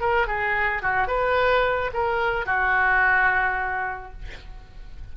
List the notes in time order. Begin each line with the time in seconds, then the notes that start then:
0.00 A#4
0.27 G#4
0.82 F#4
1.08 B4
1.93 A#4
2.46 F#4